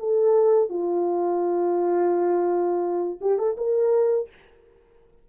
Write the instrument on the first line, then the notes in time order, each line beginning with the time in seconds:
horn
0.00 A4
0.70 F4
3.21 G4
3.39 A4
3.58 A#4